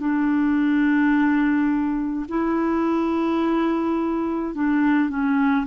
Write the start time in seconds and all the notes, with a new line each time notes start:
0.00 D4
2.28 E4
4.54 D4
5.09 C#4